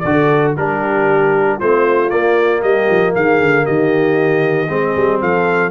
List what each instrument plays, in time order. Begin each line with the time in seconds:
0.00 tuba D3, trombone F#4, trumpet D5
0.07 horn A4
0.57 tuba G3, trombone D4, horn G4, trumpet A#4
1.58 tuba A3, trombone C4, horn F4, trumpet C5
2.09 trombone A#3, tuba A#3, trumpet D5
2.61 tuba G3, horn G4, trumpet D#5
2.90 tuba F3
3.15 tuba D#3, horn G#4, trumpet F5
3.41 tuba D3
3.65 tuba D#3, horn G4, trumpet D#5
4.69 tuba G#3, trombone C4, horn G#4
4.96 tuba G3
5.21 tuba F3, horn A4, trumpet F5